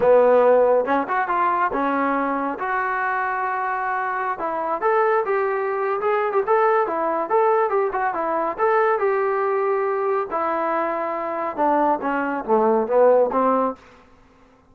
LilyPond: \new Staff \with { instrumentName = "trombone" } { \time 4/4 \tempo 4 = 140 b2 cis'8 fis'8 f'4 | cis'2 fis'2~ | fis'2~ fis'16 e'4 a'8.~ | a'16 g'4.~ g'16 gis'8. g'16 a'4 |
e'4 a'4 g'8 fis'8 e'4 | a'4 g'2. | e'2. d'4 | cis'4 a4 b4 c'4 | }